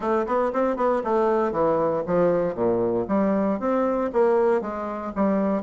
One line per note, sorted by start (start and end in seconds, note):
0.00 0.25 A3
0.26 0.52 B3
0.52 0.76 C4
0.76 1.02 B3
1.04 1.52 A3
1.52 2.03 E3
2.06 2.54 F3
2.54 3.06 A#2
3.08 3.59 G3
3.59 4.10 C4
4.12 4.61 A#3
4.61 5.12 G#3
5.15 5.62 G3